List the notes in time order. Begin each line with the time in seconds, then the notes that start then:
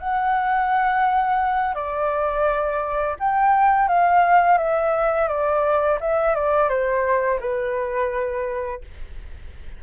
0.00 F#5
1.75 D5
3.20 G5
3.89 F5
4.58 E5
5.28 D5
6.01 E5
6.36 D5
6.69 C5
7.41 B4